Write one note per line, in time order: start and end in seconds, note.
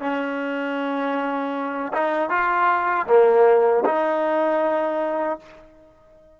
0.00 1.92 C#4
1.93 2.29 D#4
2.29 3.06 F4
3.07 3.84 A#3
3.85 5.39 D#4